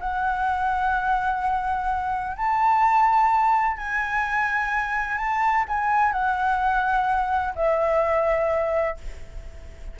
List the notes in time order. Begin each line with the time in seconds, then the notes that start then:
0.00 F#5
2.36 A5
3.77 G#5
5.17 A5
5.68 G#5
6.12 F#5
7.55 E5